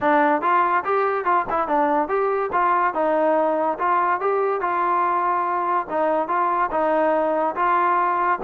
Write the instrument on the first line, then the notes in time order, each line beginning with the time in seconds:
trombone
0.01 D4
0.41 F4
0.84 G4
1.24 F4
1.50 E4
1.67 D4
2.08 G4
2.52 F4
2.94 D#4
3.79 F4
4.20 G4
4.60 F4
5.89 D#4
6.28 F4
6.71 D#4
7.55 F4